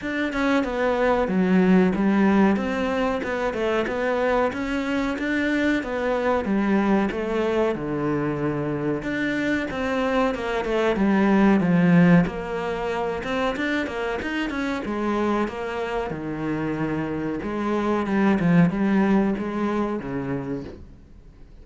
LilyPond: \new Staff \with { instrumentName = "cello" } { \time 4/4 \tempo 4 = 93 d'8 cis'8 b4 fis4 g4 | c'4 b8 a8 b4 cis'4 | d'4 b4 g4 a4 | d2 d'4 c'4 |
ais8 a8 g4 f4 ais4~ | ais8 c'8 d'8 ais8 dis'8 cis'8 gis4 | ais4 dis2 gis4 | g8 f8 g4 gis4 cis4 | }